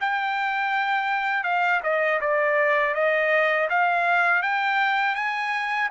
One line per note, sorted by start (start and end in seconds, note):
0.00 1.43 G5
1.43 1.80 F5
1.83 2.20 D#5
2.21 2.94 D5
2.94 3.68 D#5
3.69 4.42 F5
4.42 5.15 G5
5.15 5.89 G#5